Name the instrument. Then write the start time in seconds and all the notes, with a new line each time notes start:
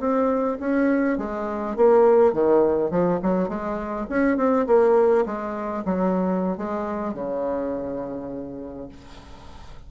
bassoon
0.00 C4
0.60 C#4
1.18 G#3
1.77 A#3
2.34 D#3
2.91 F3
3.23 F#3
3.49 G#3
4.10 C#4
4.37 C4
4.67 A#3
5.26 G#3
5.85 F#3
6.58 G#3
7.14 C#3